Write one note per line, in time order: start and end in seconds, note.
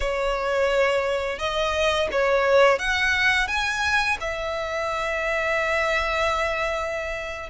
0.00 1.38 C#5
1.38 2.08 D#5
2.11 2.78 C#5
2.78 3.47 F#5
3.47 4.17 G#5
4.20 7.49 E5